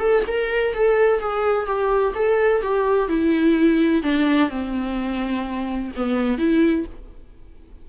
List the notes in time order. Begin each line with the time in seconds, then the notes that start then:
0.00 A4
0.27 A#4
0.74 A4
1.20 G#4
1.66 G4
2.15 A4
2.62 G4
3.09 E4
4.03 D4
4.50 C4
5.96 B3
6.38 E4